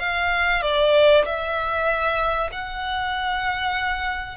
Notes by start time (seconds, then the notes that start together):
0.00 F5
0.62 D5
1.26 E5
2.53 F#5